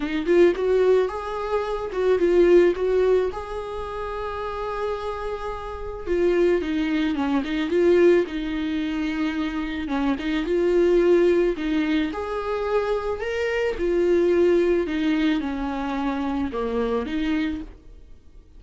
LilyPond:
\new Staff \with { instrumentName = "viola" } { \time 4/4 \tempo 4 = 109 dis'8 f'8 fis'4 gis'4. fis'8 | f'4 fis'4 gis'2~ | gis'2. f'4 | dis'4 cis'8 dis'8 f'4 dis'4~ |
dis'2 cis'8 dis'8 f'4~ | f'4 dis'4 gis'2 | ais'4 f'2 dis'4 | cis'2 ais4 dis'4 | }